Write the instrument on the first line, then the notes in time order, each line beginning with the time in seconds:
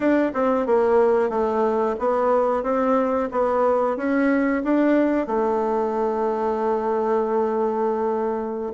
bassoon
0.00 D4
0.33 C4
0.66 A#3
1.29 A3
1.99 B3
2.63 C4
3.31 B3
3.96 C#4
4.63 D4
5.26 A3